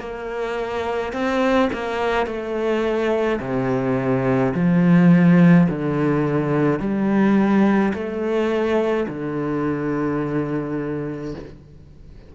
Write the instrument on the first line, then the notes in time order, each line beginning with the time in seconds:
cello
0.00 A#3
1.13 C4
1.73 A#3
2.26 A3
3.40 C3
4.54 F3
5.70 D3
6.80 G3
7.93 A3
9.09 D3